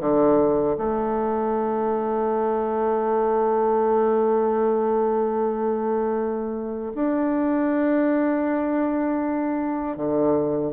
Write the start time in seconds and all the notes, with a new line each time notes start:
0.00 D3
0.78 A3
6.95 D4
9.97 D3